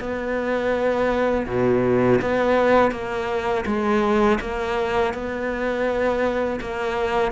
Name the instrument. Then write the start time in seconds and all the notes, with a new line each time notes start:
cello
0.00 B3
1.47 B2
2.22 B3
2.91 A#3
3.66 G#3
4.41 A#3
5.14 B3
6.61 A#3